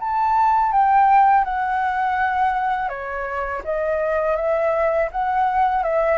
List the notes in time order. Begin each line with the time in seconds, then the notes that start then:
0.00 A5
0.72 G5
1.44 F#5
2.89 C#5
3.65 D#5
4.36 E5
5.12 F#5
5.83 E5